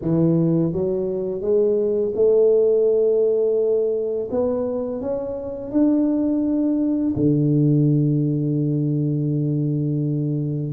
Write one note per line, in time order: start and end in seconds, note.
0.01 0.72 E3
0.72 1.41 F#3
1.41 2.12 G#3
2.14 4.29 A3
4.31 5.01 B3
5.01 5.71 C#4
5.71 7.14 D4
7.16 10.72 D3